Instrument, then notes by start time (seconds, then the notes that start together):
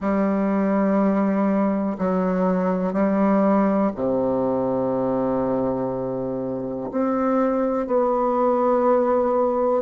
bassoon
0.00 G3
1.98 F#3
2.92 G3
3.95 C3
6.91 C4
7.86 B3